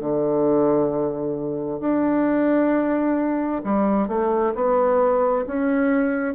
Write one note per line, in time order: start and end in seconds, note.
0.00 1.80 D3
1.80 3.62 D4
3.64 4.08 G3
4.08 4.53 A3
4.55 5.45 B3
5.47 6.34 C#4